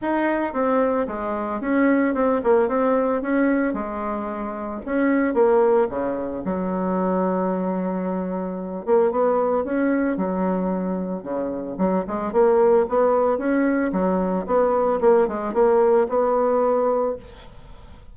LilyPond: \new Staff \with { instrumentName = "bassoon" } { \time 4/4 \tempo 4 = 112 dis'4 c'4 gis4 cis'4 | c'8 ais8 c'4 cis'4 gis4~ | gis4 cis'4 ais4 cis4 | fis1~ |
fis8 ais8 b4 cis'4 fis4~ | fis4 cis4 fis8 gis8 ais4 | b4 cis'4 fis4 b4 | ais8 gis8 ais4 b2 | }